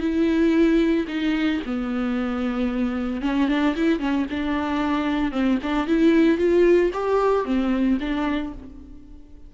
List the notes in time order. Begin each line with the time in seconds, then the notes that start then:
0.00 E4
1.08 D#4
1.66 B3
3.22 C#4
3.49 D4
3.76 E4
4.00 C#4
4.31 D4
5.32 C4
5.63 D4
5.87 E4
6.38 F4
6.94 G4
7.45 C4
8.00 D4